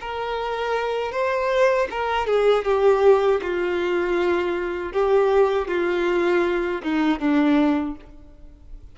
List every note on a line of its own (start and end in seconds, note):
0.00 1.12 A#4
1.12 1.87 C5
1.90 2.26 A#4
2.26 2.64 G#4
2.64 3.40 G4
3.42 4.92 F4
4.92 5.68 G4
5.68 6.81 F4
6.83 7.19 D#4
7.19 7.95 D4